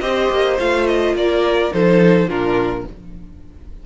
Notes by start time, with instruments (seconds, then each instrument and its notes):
0.00 cello C4, viola G4, violin C5 D#5
0.30 cello A#3
0.58 cello A3, viola F4, violin F5
0.87 violin D#5
1.14 cello A#3, violin A#4 D5
1.71 cello F3, viola D#4, violin A4 C5
2.27 cello A#2, viola D4, violin F4 A#4